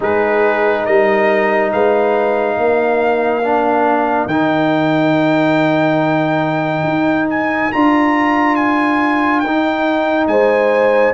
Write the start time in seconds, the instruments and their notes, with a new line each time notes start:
0.00 tuba G#3, trombone D#4, horn G#4, trumpet B4
0.85 tuba G3, horn A#4, trumpet D#5
1.72 tuba G#3, horn B4, trumpet F5
2.57 tuba A#3, horn A#4
3.43 trombone D4
4.26 tuba D#3, trombone D#4, trumpet G5
6.83 tuba D#4
7.29 trumpet G#5
7.72 tuba D4, trombone F4, trumpet A#5
8.55 trumpet G#5
9.40 tuba D#4, trumpet G5
9.46 trombone D#4
10.27 tuba G#3, horn C5, trumpet G#5